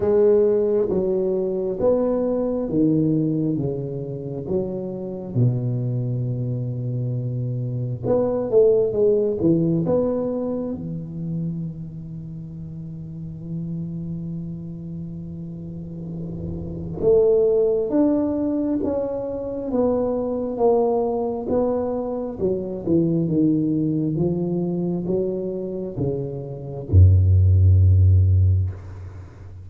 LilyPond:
\new Staff \with { instrumentName = "tuba" } { \time 4/4 \tempo 4 = 67 gis4 fis4 b4 dis4 | cis4 fis4 b,2~ | b,4 b8 a8 gis8 e8 b4 | e1~ |
e2. a4 | d'4 cis'4 b4 ais4 | b4 fis8 e8 dis4 f4 | fis4 cis4 fis,2 | }